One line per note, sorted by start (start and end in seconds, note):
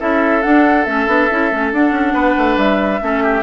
0.00 0.44 C#4
0.00 0.43 E4
0.00 2.14 A4
0.00 0.43 E5
0.43 0.86 D4
0.43 0.87 D4
0.43 0.85 F#5
0.85 1.07 A3
0.85 1.08 C#4
0.85 1.71 E5
1.07 1.29 B3
1.07 1.29 D4
1.31 1.52 C#4
1.31 1.52 E4
1.52 1.73 A3
1.52 1.73 C#4
1.73 1.92 D4
1.73 3.01 D4
1.73 2.58 F#5
1.92 2.13 C#4
2.14 2.36 B3
2.14 3.00 B4
2.38 2.57 A3
2.57 3.00 G3
2.57 3.43 E5
3.01 3.43 A3
3.01 3.43 C#4
3.01 3.23 A4
3.23 3.43 G4